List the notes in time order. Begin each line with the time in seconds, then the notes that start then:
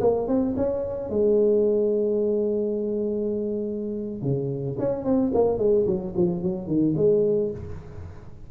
0.00 A#3
0.27 C4
0.56 C#4
1.09 G#3
4.21 C#3
4.78 C#4
5.04 C4
5.34 A#3
5.58 G#3
5.86 F#3
6.16 F3
6.42 F#3
6.67 D#3
6.96 G#3